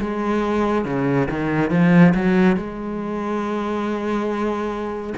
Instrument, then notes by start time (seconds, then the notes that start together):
cello
0.00 G#3
0.85 C#3
1.30 D#3
1.71 F3
2.15 F#3
2.56 G#3